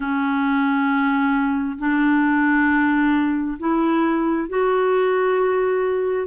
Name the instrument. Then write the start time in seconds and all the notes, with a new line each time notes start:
clarinet
0.00 C#4
1.78 D4
3.59 E4
4.49 F#4